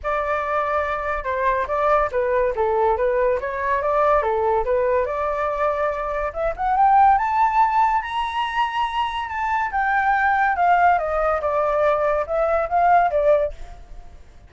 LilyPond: \new Staff \with { instrumentName = "flute" } { \time 4/4 \tempo 4 = 142 d''2. c''4 | d''4 b'4 a'4 b'4 | cis''4 d''4 a'4 b'4 | d''2. e''8 fis''8 |
g''4 a''2 ais''4~ | ais''2 a''4 g''4~ | g''4 f''4 dis''4 d''4~ | d''4 e''4 f''4 d''4 | }